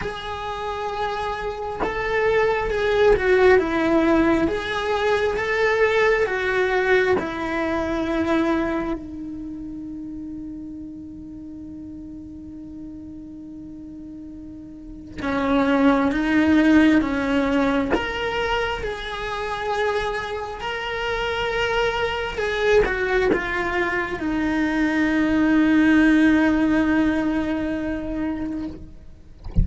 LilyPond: \new Staff \with { instrumentName = "cello" } { \time 4/4 \tempo 4 = 67 gis'2 a'4 gis'8 fis'8 | e'4 gis'4 a'4 fis'4 | e'2 dis'2~ | dis'1~ |
dis'4 cis'4 dis'4 cis'4 | ais'4 gis'2 ais'4~ | ais'4 gis'8 fis'8 f'4 dis'4~ | dis'1 | }